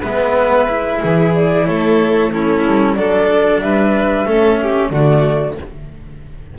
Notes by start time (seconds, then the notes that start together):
0.00 G#3 B3 B4 E5
0.68 E4
1.01 E3 G#4
1.34 D5
1.65 A3 A4 C#5
2.31 C#4 E4 A4
2.66 G3
2.94 F#3 D4 A4 D5
3.60 G3 B4 E5
4.25 A3 C#4 A4
4.62 G4
4.89 D3 A3 F#4 D5